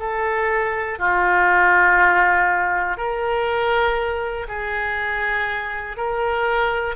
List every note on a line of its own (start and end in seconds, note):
0.00 1.00 A4
1.00 2.97 F4
2.97 4.47 A#4
4.49 5.97 G#4
5.97 6.96 A#4